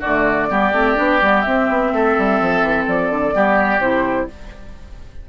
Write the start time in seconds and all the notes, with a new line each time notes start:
0.00 D3 A3 F#4 D5
0.49 G3 B3 G4
0.72 A3 C4
0.96 B3 D4
1.21 G3 B3
1.42 C4 E5
1.69 B3
1.93 A3 A4
2.18 G3
2.41 F3
2.62 E3
2.88 F3 D5
3.10 D3
3.33 G3 B3 G4
3.79 C3 E4 C5